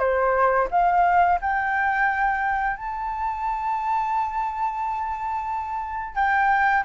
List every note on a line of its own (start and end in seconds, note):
0.00 0.68 C5
0.72 1.40 F5
1.42 2.77 G5
2.77 6.16 A5
6.16 6.84 G5